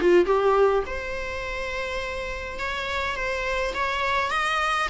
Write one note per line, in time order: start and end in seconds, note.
0.00 0.25 F4
0.25 0.83 G4
0.86 2.59 C5
2.59 3.16 C#5
3.16 3.73 C5
3.74 4.30 C#5
4.30 4.87 D#5